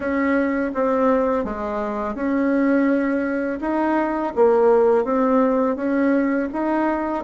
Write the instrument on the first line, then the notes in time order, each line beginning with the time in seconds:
bassoon
0.00 C#4
0.74 C4
1.44 G#3
2.14 C#4
3.60 D#4
4.35 A#3
5.04 C4
5.76 C#4
6.52 D#4